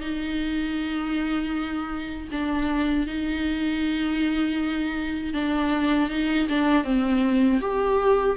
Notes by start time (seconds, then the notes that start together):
0.00 D#4
2.31 D4
3.07 D#4
5.33 D4
6.09 D#4
6.49 D4
6.84 C4
7.61 G4